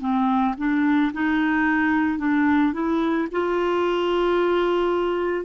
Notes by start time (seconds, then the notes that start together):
0.00 C4
0.57 D4
1.13 D#4
2.18 D4
2.73 E4
3.31 F4